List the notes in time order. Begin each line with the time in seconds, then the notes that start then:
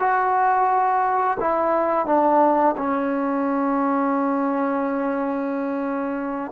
0.00 F#4
1.40 E4
2.06 D4
2.77 C#4